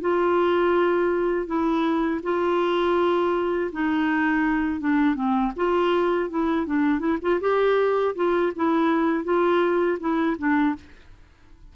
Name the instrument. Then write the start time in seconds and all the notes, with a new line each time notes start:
clarinet
0.00 F4
1.46 E4
2.23 F4
3.72 D#4
4.80 D4
5.15 C4
5.56 F4
6.29 E4
6.66 D4
6.99 E4
7.21 F4
7.40 G4
8.15 F4
8.55 E4
9.24 F4
9.99 E4
10.38 D4